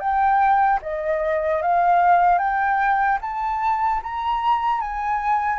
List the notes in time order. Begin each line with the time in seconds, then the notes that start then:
0.00 G5
0.82 D#5
1.62 F5
2.39 G5
3.22 A5
4.03 A#5
4.81 G#5